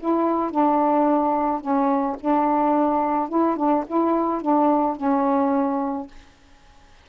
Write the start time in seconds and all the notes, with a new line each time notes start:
0.00 E4
0.51 D4
1.61 C#4
2.20 D4
3.29 E4
3.57 D4
3.87 E4
4.42 D4
4.96 C#4